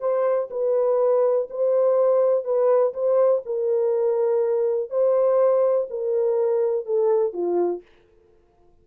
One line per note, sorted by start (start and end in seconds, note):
0.00 0.49 C5
0.51 1.48 B4
1.50 2.44 C5
2.44 2.93 B4
2.94 3.42 C5
3.46 4.90 A#4
4.90 5.87 C5
5.90 6.86 A#4
6.86 7.33 A4
7.33 7.82 F4